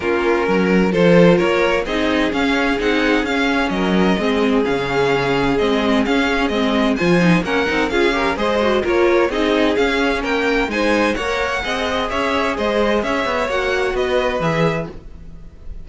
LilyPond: <<
  \new Staff \with { instrumentName = "violin" } { \time 4/4 \tempo 4 = 129 ais'2 c''4 cis''4 | dis''4 f''4 fis''4 f''4 | dis''2 f''2 | dis''4 f''4 dis''4 gis''4 |
fis''4 f''4 dis''4 cis''4 | dis''4 f''4 g''4 gis''4 | fis''2 e''4 dis''4 | e''4 fis''4 dis''4 e''4 | }
  \new Staff \with { instrumentName = "violin" } { \time 4/4 f'4 ais'4 a'4 ais'4 | gis'1 | ais'4 gis'2.~ | gis'2. c''4 |
ais'4 gis'8 ais'8 c''4 ais'4 | gis'2 ais'4 c''4 | cis''4 dis''4 cis''4 c''4 | cis''2 b'2 | }
  \new Staff \with { instrumentName = "viola" } { \time 4/4 cis'2 f'2 | dis'4 cis'4 dis'4 cis'4~ | cis'4 c'4 cis'2 | c'4 cis'4 c'4 f'8 dis'8 |
cis'8 dis'8 f'8 g'8 gis'8 fis'8 f'4 | dis'4 cis'2 dis'4 | ais'4 gis'2.~ | gis'4 fis'2 gis'4 | }
  \new Staff \with { instrumentName = "cello" } { \time 4/4 ais4 fis4 f4 ais4 | c'4 cis'4 c'4 cis'4 | fis4 gis4 cis2 | gis4 cis'4 gis4 f4 |
ais8 c'8 cis'4 gis4 ais4 | c'4 cis'4 ais4 gis4 | ais4 c'4 cis'4 gis4 | cis'8 b8 ais4 b4 e4 | }
>>